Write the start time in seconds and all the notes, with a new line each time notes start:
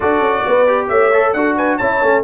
0.00 D4 F#4 A4 D5
0.20 C#4
0.46 B3 B4
0.67 G4
0.88 A3 C#5 E5
1.13 A4
1.32 D4 F#4 A4 F#5
1.56 B4 G#5
1.77 C#4 E4 C#5 A5
2.01 A3 C#4